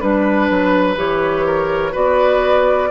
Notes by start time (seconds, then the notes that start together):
0.00 G3 D4 B4
0.50 F#3
0.96 E3 G4 C#5
1.46 A#4
1.92 B3 F#4 B4 D5